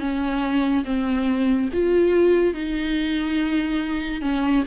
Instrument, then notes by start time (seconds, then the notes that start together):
viola
0.00 C#4
0.85 C4
1.73 F4
2.54 D#4
4.22 C#4